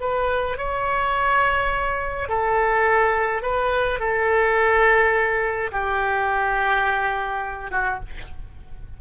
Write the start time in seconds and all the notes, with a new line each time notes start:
0.00 B4
0.57 C#5
2.28 A4
3.42 B4
3.99 A4
5.72 G4
7.71 F#4